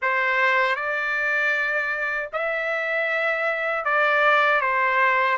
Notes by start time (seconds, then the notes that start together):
0.02 C5
0.75 D5
2.33 E5
3.84 D5
4.60 C5